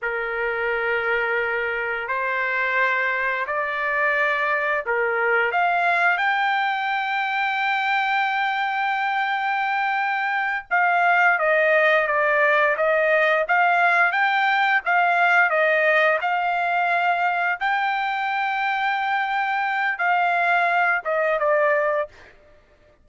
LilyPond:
\new Staff \with { instrumentName = "trumpet" } { \time 4/4 \tempo 4 = 87 ais'2. c''4~ | c''4 d''2 ais'4 | f''4 g''2.~ | g''2.~ g''8 f''8~ |
f''8 dis''4 d''4 dis''4 f''8~ | f''8 g''4 f''4 dis''4 f''8~ | f''4. g''2~ g''8~ | g''4 f''4. dis''8 d''4 | }